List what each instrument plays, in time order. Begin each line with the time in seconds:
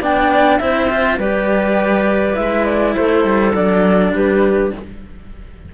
0.00 cello B3 D4, clarinet D5, flute G5
0.58 cello C4 E4, clarinet C5, flute E5
0.90 cello F4
1.18 cello G3 G4, clarinet B4, flute D5
2.33 cello G#3 E4, flute E5
2.65 flute D5
2.95 cello A3, clarinet A4, flute C5
3.25 cello G3
3.54 cello F#3 D4, flute D5
4.13 cello G3, clarinet G4, flute B4